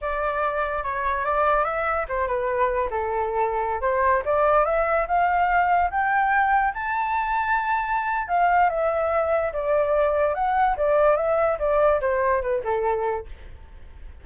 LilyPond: \new Staff \with { instrumentName = "flute" } { \time 4/4 \tempo 4 = 145 d''2 cis''4 d''4 | e''4 c''8 b'4. a'4~ | a'4~ a'16 c''4 d''4 e''8.~ | e''16 f''2 g''4.~ g''16~ |
g''16 a''2.~ a''8. | f''4 e''2 d''4~ | d''4 fis''4 d''4 e''4 | d''4 c''4 b'8 a'4. | }